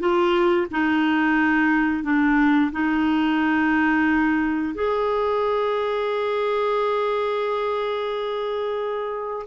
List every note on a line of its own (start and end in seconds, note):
0.00 0.67 F4
0.71 2.04 D#4
2.04 2.71 D4
2.72 4.74 D#4
4.75 9.47 G#4